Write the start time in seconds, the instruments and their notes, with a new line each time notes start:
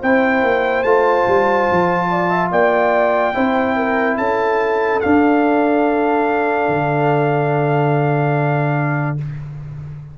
0.00 tuba C4, trombone E4, horn C5, trumpet G5
0.42 tuba A#3
0.83 tuba A3, trombone F4, trumpet A5
1.27 tuba G3
1.71 tuba F3
2.10 horn D5
2.30 horn E5
2.51 tuba A#3, horn D5, trumpet G5
3.34 tuba C4, trombone E4, horn C5
3.76 horn A#4
4.17 tuba C#4, horn A4, trumpet A5
5.00 trombone D4, tuba D4, trumpet F5
6.68 tuba D3